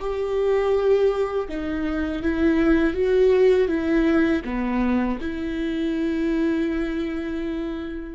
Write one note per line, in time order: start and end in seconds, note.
0.00 1.48 G4
1.48 2.22 D#4
2.22 2.94 E4
2.94 3.68 F#4
3.68 4.42 E4
4.44 5.19 B3
5.21 8.15 E4